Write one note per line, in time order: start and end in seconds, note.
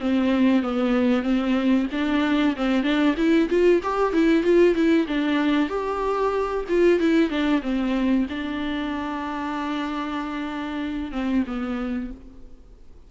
0.00 0.62 C4
0.62 1.23 B3
1.23 1.87 C4
1.92 2.56 D4
2.56 2.83 C4
2.83 3.15 D4
3.17 3.49 E4
3.50 3.82 F4
3.83 4.13 G4
4.13 4.44 E4
4.44 4.75 F4
4.75 5.07 E4
5.08 5.69 D4
5.69 6.65 G4
6.69 7.00 F4
7.00 7.30 E4
7.30 7.62 D4
7.62 8.26 C4
8.30 11.12 D4
11.12 11.44 C4
11.47 12.11 B3